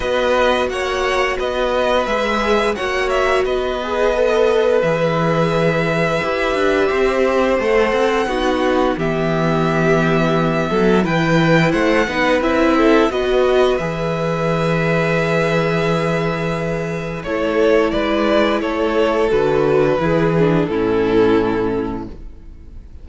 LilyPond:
<<
  \new Staff \with { instrumentName = "violin" } { \time 4/4 \tempo 4 = 87 dis''4 fis''4 dis''4 e''4 | fis''8 e''8 dis''2 e''4~ | e''2. fis''4~ | fis''4 e''2. |
g''4 fis''4 e''4 dis''4 | e''1~ | e''4 cis''4 d''4 cis''4 | b'2 a'2 | }
  \new Staff \with { instrumentName = "violin" } { \time 4/4 b'4 cis''4 b'2 | cis''4 b'2.~ | b'2 c''2 | fis'4 g'2~ g'8 a'8 |
b'4 c''8 b'4 a'8 b'4~ | b'1~ | b'4 a'4 b'4 a'4~ | a'4 gis'4 e'2 | }
  \new Staff \with { instrumentName = "viola" } { \time 4/4 fis'2. gis'4 | fis'4. gis'8 a'4 gis'4~ | gis'4 g'2 a'4 | dis'4 b2. |
e'4. dis'8 e'4 fis'4 | gis'1~ | gis'4 e'2. | fis'4 e'8 d'8 cis'2 | }
  \new Staff \with { instrumentName = "cello" } { \time 4/4 b4 ais4 b4 gis4 | ais4 b2 e4~ | e4 e'8 d'8 c'4 a8 c'8 | b4 e2~ e8 fis8 |
e4 a8 b8 c'4 b4 | e1~ | e4 a4 gis4 a4 | d4 e4 a,2 | }
>>